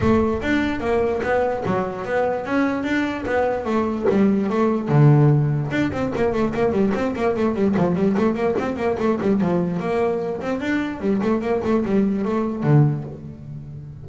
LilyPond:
\new Staff \with { instrumentName = "double bass" } { \time 4/4 \tempo 4 = 147 a4 d'4 ais4 b4 | fis4 b4 cis'4 d'4 | b4 a4 g4 a4 | d2 d'8 c'8 ais8 a8 |
ais8 g8 c'8 ais8 a8 g8 f8 g8 | a8 ais8 c'8 ais8 a8 g8 f4 | ais4. c'8 d'4 g8 a8 | ais8 a8 g4 a4 d4 | }